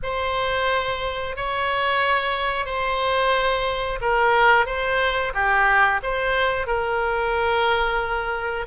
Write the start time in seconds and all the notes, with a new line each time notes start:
0.02 C5
1.36 C#5
2.65 C5
4.01 A#4
4.66 C5
5.34 G4
6.02 C5
6.67 A#4